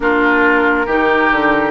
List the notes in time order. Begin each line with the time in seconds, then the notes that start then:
0.00 A#3 D4 F4 A#4
0.86 D#3 D#4 G4
1.31 D3